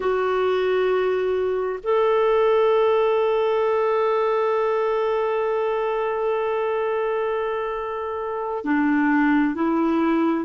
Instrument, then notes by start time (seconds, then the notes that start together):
clarinet
0.00 F#4
1.83 A4
8.64 D4
9.55 E4